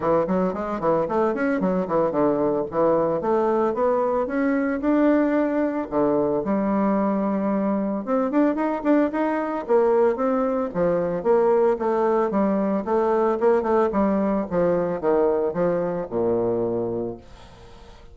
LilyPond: \new Staff \with { instrumentName = "bassoon" } { \time 4/4 \tempo 4 = 112 e8 fis8 gis8 e8 a8 cis'8 fis8 e8 | d4 e4 a4 b4 | cis'4 d'2 d4 | g2. c'8 d'8 |
dis'8 d'8 dis'4 ais4 c'4 | f4 ais4 a4 g4 | a4 ais8 a8 g4 f4 | dis4 f4 ais,2 | }